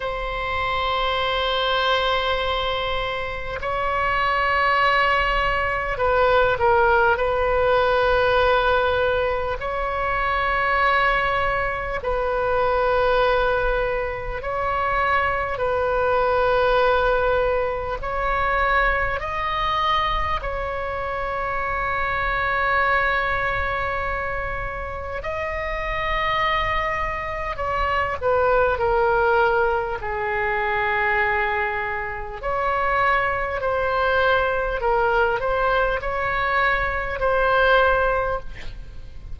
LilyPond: \new Staff \with { instrumentName = "oboe" } { \time 4/4 \tempo 4 = 50 c''2. cis''4~ | cis''4 b'8 ais'8 b'2 | cis''2 b'2 | cis''4 b'2 cis''4 |
dis''4 cis''2.~ | cis''4 dis''2 cis''8 b'8 | ais'4 gis'2 cis''4 | c''4 ais'8 c''8 cis''4 c''4 | }